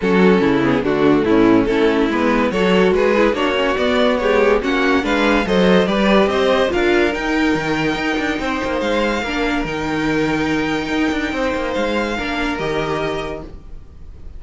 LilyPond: <<
  \new Staff \with { instrumentName = "violin" } { \time 4/4 \tempo 4 = 143 a'4. gis'8 fis'4 e'4 | a'4 b'4 cis''4 b'4 | cis''4 d''4 cis''4 fis''4 | f''4 dis''4 d''4 dis''4 |
f''4 g''2.~ | g''4 f''2 g''4~ | g''1 | f''2 dis''2 | }
  \new Staff \with { instrumentName = "violin" } { \time 4/4 fis'4 e'4 d'4 cis'4 | e'2 a'4 gis'4 | fis'2 g'4 fis'4 | b'4 c''4 b'4 c''4 |
ais'1 | c''2 ais'2~ | ais'2. c''4~ | c''4 ais'2. | }
  \new Staff \with { instrumentName = "viola" } { \time 4/4 cis'4. b8 a2 | cis'4 b4 fis'4. e'8 | d'8 cis'8 b4 gis4 cis'4 | d'4 a'4 g'2 |
f'4 dis'2.~ | dis'2 d'4 dis'4~ | dis'1~ | dis'4 d'4 g'2 | }
  \new Staff \with { instrumentName = "cello" } { \time 4/4 fis4 cis4 d4 a,4 | a4 gis4 fis4 gis4 | ais4 b2 ais4 | gis4 fis4 g4 c'4 |
d'4 dis'4 dis4 dis'8 d'8 | c'8 ais8 gis4 ais4 dis4~ | dis2 dis'8 d'8 c'8 ais8 | gis4 ais4 dis2 | }
>>